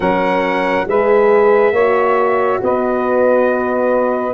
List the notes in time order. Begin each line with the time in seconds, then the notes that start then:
0.00 F#3 C#4 A#4 F#5
0.87 G#3 G#4 B4 E5
1.71 A#3 F#4 C#5
2.62 B3 B4 D#5